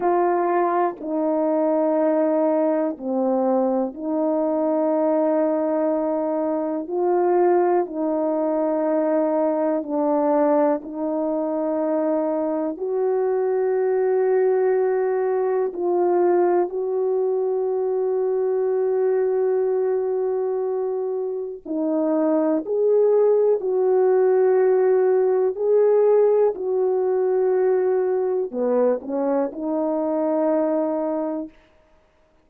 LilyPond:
\new Staff \with { instrumentName = "horn" } { \time 4/4 \tempo 4 = 61 f'4 dis'2 c'4 | dis'2. f'4 | dis'2 d'4 dis'4~ | dis'4 fis'2. |
f'4 fis'2.~ | fis'2 dis'4 gis'4 | fis'2 gis'4 fis'4~ | fis'4 b8 cis'8 dis'2 | }